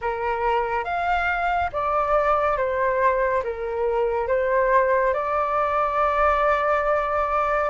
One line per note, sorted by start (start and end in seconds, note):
0.01 0.84 A#4
0.84 1.70 F5
1.72 2.57 D5
2.57 3.42 C5
3.43 4.27 A#4
4.27 5.13 C5
5.13 7.69 D5